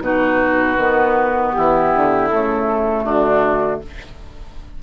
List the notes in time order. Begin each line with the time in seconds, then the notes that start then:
0.00 B2 D#4 F#4 B4
0.77 D#3 B3
1.52 E3 E4 G4
1.94 D3
2.29 C#3 A3 A4
3.04 D3 D4 F#4